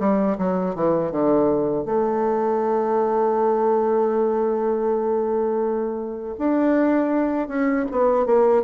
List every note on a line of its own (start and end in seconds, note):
0.00 0.38 G3
0.38 0.75 F#3
0.75 1.12 E3
1.12 1.85 D3
1.85 6.35 A3
6.39 7.48 D4
7.48 7.86 C#4
7.91 8.26 B3
8.26 8.64 A#3